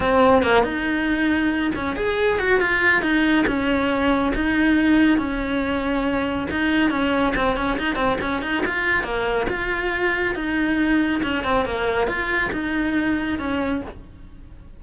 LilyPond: \new Staff \with { instrumentName = "cello" } { \time 4/4 \tempo 4 = 139 c'4 ais8 dis'2~ dis'8 | cis'8 gis'4 fis'8 f'4 dis'4 | cis'2 dis'2 | cis'2. dis'4 |
cis'4 c'8 cis'8 dis'8 c'8 cis'8 dis'8 | f'4 ais4 f'2 | dis'2 cis'8 c'8 ais4 | f'4 dis'2 cis'4 | }